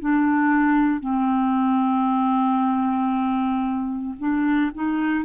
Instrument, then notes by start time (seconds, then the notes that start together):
clarinet
0.00 D4
1.00 C4
4.19 D4
4.74 D#4